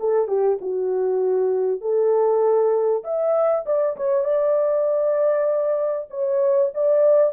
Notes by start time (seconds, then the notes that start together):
0.00 A4
0.28 G4
0.61 F#4
1.81 A4
3.04 E5
3.66 D5
3.97 C#5
4.24 D5
6.10 C#5
6.74 D5